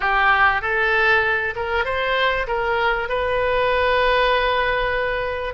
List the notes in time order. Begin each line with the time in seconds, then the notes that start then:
0.00 G4
0.61 A4
1.55 A#4
1.84 C5
2.47 A#4
3.08 B4